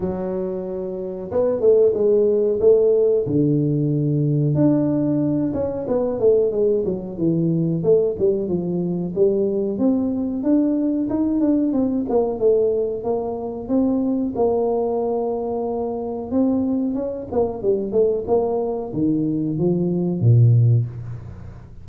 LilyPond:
\new Staff \with { instrumentName = "tuba" } { \time 4/4 \tempo 4 = 92 fis2 b8 a8 gis4 | a4 d2 d'4~ | d'8 cis'8 b8 a8 gis8 fis8 e4 | a8 g8 f4 g4 c'4 |
d'4 dis'8 d'8 c'8 ais8 a4 | ais4 c'4 ais2~ | ais4 c'4 cis'8 ais8 g8 a8 | ais4 dis4 f4 ais,4 | }